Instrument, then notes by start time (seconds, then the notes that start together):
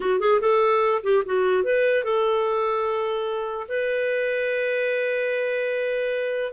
clarinet
0.00 F#4
0.19 G#4
0.40 A4
1.03 G4
1.25 F#4
1.63 B4
2.04 A4
3.68 B4